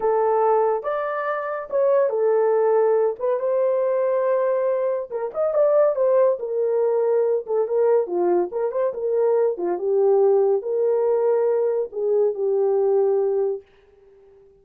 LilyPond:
\new Staff \with { instrumentName = "horn" } { \time 4/4 \tempo 4 = 141 a'2 d''2 | cis''4 a'2~ a'8 b'8 | c''1 | ais'8 dis''8 d''4 c''4 ais'4~ |
ais'4. a'8 ais'4 f'4 | ais'8 c''8 ais'4. f'8 g'4~ | g'4 ais'2. | gis'4 g'2. | }